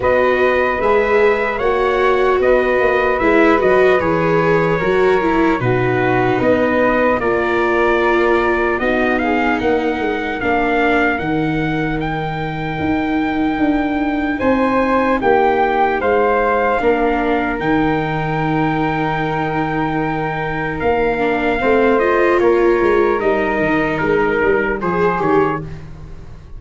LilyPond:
<<
  \new Staff \with { instrumentName = "trumpet" } { \time 4/4 \tempo 4 = 75 dis''4 e''4 fis''4 dis''4 | e''8 dis''8 cis''2 b'4 | dis''4 d''2 dis''8 f''8 | fis''4 f''4 fis''4 g''4~ |
g''2 gis''4 g''4 | f''2 g''2~ | g''2 f''4. dis''8 | cis''4 dis''4 ais'4 c''8 cis''8 | }
  \new Staff \with { instrumentName = "flute" } { \time 4/4 b'2 cis''4 b'4~ | b'2 ais'4 fis'4 | b'4 ais'2 fis'8 gis'8 | ais'1~ |
ais'2 c''4 g'4 | c''4 ais'2.~ | ais'2. c''4 | ais'2. gis'4 | }
  \new Staff \with { instrumentName = "viola" } { \time 4/4 fis'4 gis'4 fis'2 | e'8 fis'8 gis'4 fis'8 e'8 dis'4~ | dis'4 f'2 dis'4~ | dis'4 d'4 dis'2~ |
dis'1~ | dis'4 d'4 dis'2~ | dis'2~ dis'8 d'8 c'8 f'8~ | f'4 dis'2 gis'8 g'8 | }
  \new Staff \with { instrumentName = "tuba" } { \time 4/4 b4 gis4 ais4 b8 ais8 | gis8 fis8 e4 fis4 b,4 | b4 ais2 b4 | ais8 gis8 ais4 dis2 |
dis'4 d'4 c'4 ais4 | gis4 ais4 dis2~ | dis2 ais4 a4 | ais8 gis8 g8 dis8 gis8 g8 f8 dis8 | }
>>